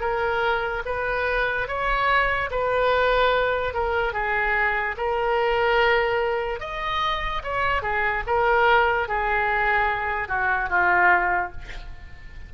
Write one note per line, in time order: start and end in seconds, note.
0.00 0.82 A#4
0.85 1.67 B4
1.67 2.50 C#5
2.50 3.74 B4
3.74 4.13 A#4
4.13 4.95 G#4
4.97 6.60 A#4
6.60 7.42 D#5
7.43 7.82 C#5
7.82 8.23 G#4
8.26 9.08 A#4
9.08 10.28 G#4
10.28 10.69 F#4
10.69 11.51 F4